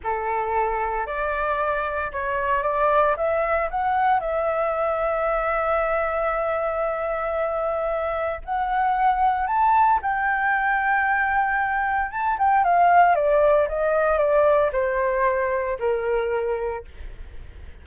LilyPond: \new Staff \with { instrumentName = "flute" } { \time 4/4 \tempo 4 = 114 a'2 d''2 | cis''4 d''4 e''4 fis''4 | e''1~ | e''1 |
fis''2 a''4 g''4~ | g''2. a''8 g''8 | f''4 d''4 dis''4 d''4 | c''2 ais'2 | }